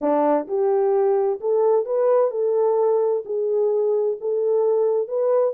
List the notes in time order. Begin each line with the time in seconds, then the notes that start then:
0.01 D4
0.47 G4
1.40 A4
1.85 B4
2.31 A4
3.25 G#4
4.20 A4
5.07 B4